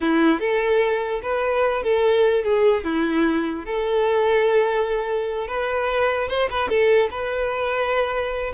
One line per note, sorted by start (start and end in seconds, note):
0.01 0.40 E4
0.40 1.21 A4
1.22 1.83 B4
1.83 2.44 A4
2.44 2.84 G#4
2.84 3.65 E4
3.65 5.47 A4
5.47 6.28 B4
6.28 6.48 C5
6.50 6.68 B4
6.68 7.09 A4
7.11 8.52 B4